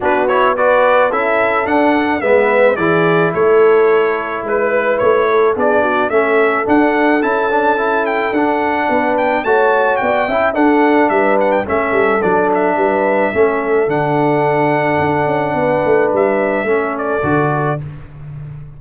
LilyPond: <<
  \new Staff \with { instrumentName = "trumpet" } { \time 4/4 \tempo 4 = 108 b'8 cis''8 d''4 e''4 fis''4 | e''4 d''4 cis''2 | b'4 cis''4 d''4 e''4 | fis''4 a''4. g''8 fis''4~ |
fis''8 g''8 a''4 g''4 fis''4 | e''8 fis''16 g''16 e''4 d''8 e''4.~ | e''4 fis''2.~ | fis''4 e''4. d''4. | }
  \new Staff \with { instrumentName = "horn" } { \time 4/4 fis'4 b'4 a'2 | b'4 gis'4 a'2 | b'4. a'8 gis'8 fis'8 a'4~ | a'1 |
b'4 cis''4 d''8 e''8 a'4 | b'4 a'2 b'4 | a'1 | b'2 a'2 | }
  \new Staff \with { instrumentName = "trombone" } { \time 4/4 d'8 e'8 fis'4 e'4 d'4 | b4 e'2.~ | e'2 d'4 cis'4 | d'4 e'8 d'8 e'4 d'4~ |
d'4 fis'4. e'8 d'4~ | d'4 cis'4 d'2 | cis'4 d'2.~ | d'2 cis'4 fis'4 | }
  \new Staff \with { instrumentName = "tuba" } { \time 4/4 b2 cis'4 d'4 | gis4 e4 a2 | gis4 a4 b4 a4 | d'4 cis'2 d'4 |
b4 a4 b8 cis'8 d'4 | g4 a8 g8 fis4 g4 | a4 d2 d'8 cis'8 | b8 a8 g4 a4 d4 | }
>>